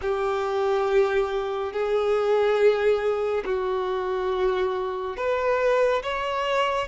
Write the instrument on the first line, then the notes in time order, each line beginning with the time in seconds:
violin
0.01 G4
1.72 G#4
3.45 F#4
5.17 B4
6.02 C#5